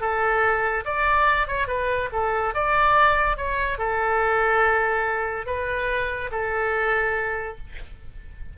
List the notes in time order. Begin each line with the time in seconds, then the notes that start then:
0.00 A4
0.84 D5
1.47 C#5
1.67 B4
2.12 A4
2.54 D5
3.37 C#5
3.78 A4
5.46 B4
6.31 A4